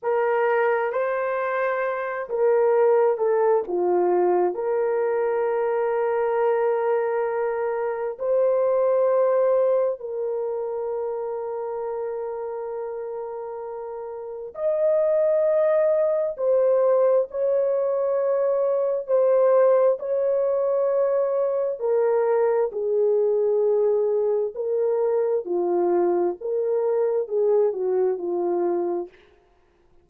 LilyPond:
\new Staff \with { instrumentName = "horn" } { \time 4/4 \tempo 4 = 66 ais'4 c''4. ais'4 a'8 | f'4 ais'2.~ | ais'4 c''2 ais'4~ | ais'1 |
dis''2 c''4 cis''4~ | cis''4 c''4 cis''2 | ais'4 gis'2 ais'4 | f'4 ais'4 gis'8 fis'8 f'4 | }